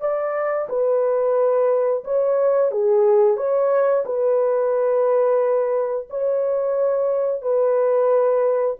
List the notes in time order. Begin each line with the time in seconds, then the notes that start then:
0.00 D5
0.69 B4
2.04 C#5
2.71 G#4
3.37 C#5
4.05 B4
6.09 C#5
7.41 B4